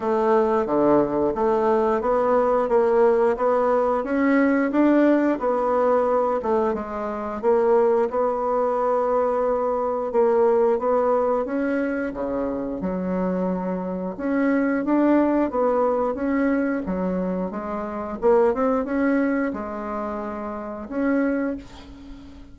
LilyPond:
\new Staff \with { instrumentName = "bassoon" } { \time 4/4 \tempo 4 = 89 a4 d4 a4 b4 | ais4 b4 cis'4 d'4 | b4. a8 gis4 ais4 | b2. ais4 |
b4 cis'4 cis4 fis4~ | fis4 cis'4 d'4 b4 | cis'4 fis4 gis4 ais8 c'8 | cis'4 gis2 cis'4 | }